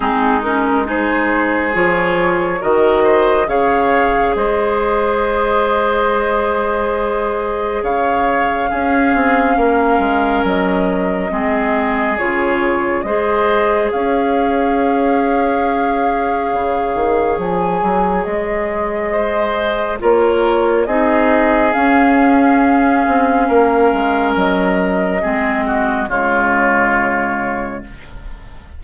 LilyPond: <<
  \new Staff \with { instrumentName = "flute" } { \time 4/4 \tempo 4 = 69 gis'8 ais'8 c''4 cis''4 dis''4 | f''4 dis''2.~ | dis''4 f''2. | dis''2 cis''4 dis''4 |
f''1 | gis''4 dis''2 cis''4 | dis''4 f''2. | dis''2 cis''2 | }
  \new Staff \with { instrumentName = "oboe" } { \time 4/4 dis'4 gis'2 ais'8 c''8 | cis''4 c''2.~ | c''4 cis''4 gis'4 ais'4~ | ais'4 gis'2 c''4 |
cis''1~ | cis''2 c''4 ais'4 | gis'2. ais'4~ | ais'4 gis'8 fis'8 f'2 | }
  \new Staff \with { instrumentName = "clarinet" } { \time 4/4 c'8 cis'8 dis'4 f'4 fis'4 | gis'1~ | gis'2 cis'2~ | cis'4 c'4 f'4 gis'4~ |
gis'1~ | gis'2. f'4 | dis'4 cis'2.~ | cis'4 c'4 gis2 | }
  \new Staff \with { instrumentName = "bassoon" } { \time 4/4 gis2 f4 dis4 | cis4 gis2.~ | gis4 cis4 cis'8 c'8 ais8 gis8 | fis4 gis4 cis4 gis4 |
cis'2. cis8 dis8 | f8 fis8 gis2 ais4 | c'4 cis'4. c'8 ais8 gis8 | fis4 gis4 cis2 | }
>>